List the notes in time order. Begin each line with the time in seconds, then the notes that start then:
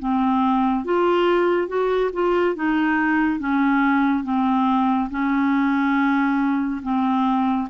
0.00 C4
0.85 F4
1.68 F#4
2.14 F4
2.56 D#4
3.40 C#4
4.24 C4
5.11 C#4
6.83 C4